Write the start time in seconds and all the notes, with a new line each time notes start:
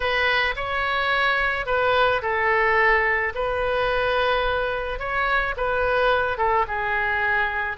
0.00 B4
0.56 C#5
1.65 B4
2.22 A4
3.34 B4
4.99 C#5
5.57 B4
6.37 A4
6.67 G#4